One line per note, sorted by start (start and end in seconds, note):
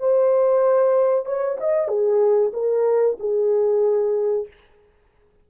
0.00 1.26 C5
1.26 1.58 C#5
1.60 1.88 D#5
1.88 2.52 G#4
2.53 3.17 A#4
3.20 4.47 G#4